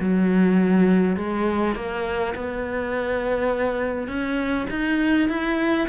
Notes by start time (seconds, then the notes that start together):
0.00 F#3
1.17 G#3
1.76 A#3
2.36 B3
4.08 C#4
4.70 D#4
5.29 E4